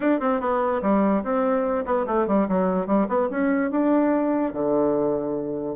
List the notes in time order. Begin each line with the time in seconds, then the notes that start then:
0.00 D4
0.19 C4
0.40 B3
0.82 G3
1.23 C4
1.85 B3
2.06 A3
2.27 G3
2.48 F#3
2.86 G3
3.08 B3
3.30 C#4
3.70 D4
4.53 D3